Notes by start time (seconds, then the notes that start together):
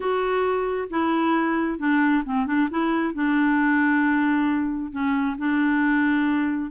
0.00 F#4
0.90 E4
1.78 D4
2.25 C4
2.46 D4
2.70 E4
3.14 D4
4.91 C#4
5.37 D4